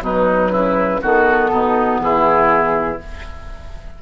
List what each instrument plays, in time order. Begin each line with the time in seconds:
0.00 bassoon B2, clarinet F#3, oboe D#4, flute B4
0.50 bassoon C#3, oboe E4
1.01 bassoon D#3, clarinet B3, oboe F#4, flute A4
1.51 bassoon B2, oboe D#4
2.00 bassoon E3, oboe E4, flute G#4